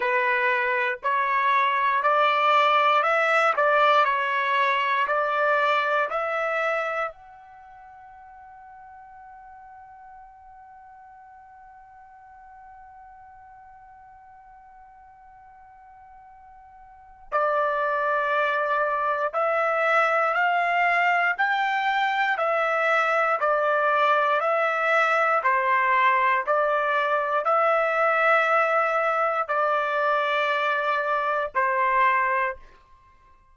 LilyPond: \new Staff \with { instrumentName = "trumpet" } { \time 4/4 \tempo 4 = 59 b'4 cis''4 d''4 e''8 d''8 | cis''4 d''4 e''4 fis''4~ | fis''1~ | fis''1~ |
fis''4 d''2 e''4 | f''4 g''4 e''4 d''4 | e''4 c''4 d''4 e''4~ | e''4 d''2 c''4 | }